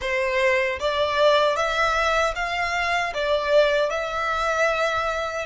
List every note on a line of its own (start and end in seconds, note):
0.01 0.79 C5
0.79 1.56 D5
1.56 2.34 E5
2.35 3.13 F5
3.14 3.90 D5
3.90 5.45 E5